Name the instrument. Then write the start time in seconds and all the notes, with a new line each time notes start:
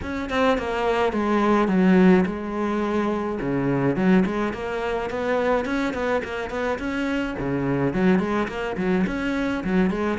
cello
0.02 C#4
0.29 C4
0.58 A#3
1.12 G#3
1.68 F#3
2.25 G#3
3.40 C#3
3.95 F#3
4.25 G#3
4.53 A#3
5.10 B3
5.65 C#4
5.93 B3
6.24 A#3
6.50 B3
6.78 C#4
7.38 C#3
7.93 F#3
8.19 G#3
8.48 A#3
8.77 F#3
9.06 C#4
9.64 F#3
9.90 G#3